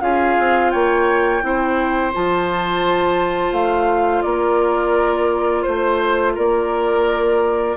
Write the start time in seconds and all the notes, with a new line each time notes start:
0.00 C#4 F4 G#4 F5
0.39 C4
0.70 A#3 C#5 G5
1.41 C4 E4 C5
2.13 F3 F4 A5
3.52 A3 F5
4.22 A#3 A#4 D5
5.62 A3 C5
6.35 A#3 A#4 D5